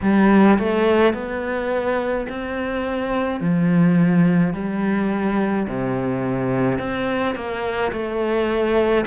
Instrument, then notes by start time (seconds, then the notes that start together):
cello
0.02 G3
0.58 A3
1.13 B3
2.29 C4
3.40 F3
4.53 G3
5.67 C3
6.78 C4
7.35 A#3
7.92 A3